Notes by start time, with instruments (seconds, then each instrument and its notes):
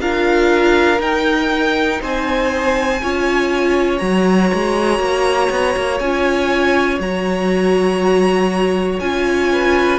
0.00 cello D4, viola F4, violin A#4 F5
0.98 viola D#4, cello D#4, violin G5
2.01 cello C4, violin C5 G#5
3.02 cello C#4, viola F4, violin C#5
3.98 cello F#3, viola F#4, violin A#5
4.54 cello G#3
5.00 cello A#3
5.51 cello B3
5.76 cello A#3
6.00 cello C#4, viola F4, violin G#5
7.00 cello F#3, viola F#4, violin A#5
9.00 cello C#4, viola F4, violin G#5
9.53 violin B4